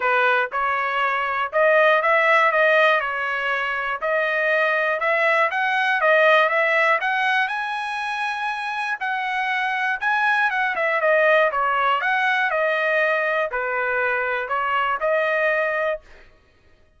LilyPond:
\new Staff \with { instrumentName = "trumpet" } { \time 4/4 \tempo 4 = 120 b'4 cis''2 dis''4 | e''4 dis''4 cis''2 | dis''2 e''4 fis''4 | dis''4 e''4 fis''4 gis''4~ |
gis''2 fis''2 | gis''4 fis''8 e''8 dis''4 cis''4 | fis''4 dis''2 b'4~ | b'4 cis''4 dis''2 | }